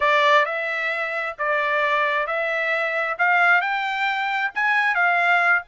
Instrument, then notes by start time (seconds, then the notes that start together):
trumpet
0.00 D5
0.45 E5
1.38 D5
2.26 E5
3.18 F5
3.61 G5
4.54 G#5
4.94 F5